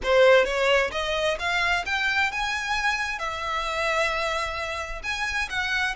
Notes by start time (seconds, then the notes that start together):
0.03 C5
0.45 C#5
0.91 D#5
1.39 F5
1.85 G5
2.31 G#5
3.19 E5
5.03 G#5
5.49 F#5